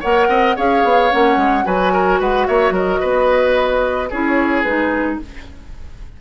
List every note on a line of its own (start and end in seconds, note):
0.00 0.28 A#3
0.00 0.57 A#4
0.00 0.27 C#5
0.00 0.57 F#5
0.28 0.56 C4
0.28 0.56 D#5
0.56 0.84 C#4
0.56 1.10 G#4
0.56 1.65 C#5
0.56 1.12 F5
0.84 1.11 B3
1.10 1.36 A#3
1.10 1.64 C#4
1.10 1.66 F#5
1.36 1.64 G#3
1.64 2.20 F#3
1.64 4.09 F#4
1.64 1.93 B4
1.64 2.20 G#5
1.93 2.20 A#4
2.20 2.47 G#3
2.20 2.47 B4
2.20 2.47 F#5
2.47 2.71 A#3
2.47 2.74 C#5
2.47 2.75 E5
2.71 2.98 F#3
2.71 3.00 A#4
2.71 4.11 D#5
3.00 4.12 B3
3.00 4.09 B4
4.10 4.64 C#4
4.10 4.66 E4
4.10 5.19 G#4
4.10 4.63 C#5
4.63 5.19 G#3
4.63 5.21 D#4
4.63 5.17 B4